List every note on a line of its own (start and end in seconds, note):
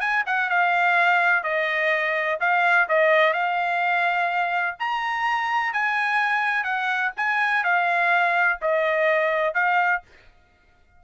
0.00 0.24 G#5
0.26 0.49 F#5
0.49 1.44 F5
1.44 2.39 D#5
2.40 2.88 F5
2.89 3.33 D#5
3.33 4.76 F5
4.79 5.73 A#5
5.73 6.64 G#5
6.64 7.11 F#5
7.17 7.64 G#5
7.64 8.59 F5
8.62 9.55 D#5
9.55 10.02 F5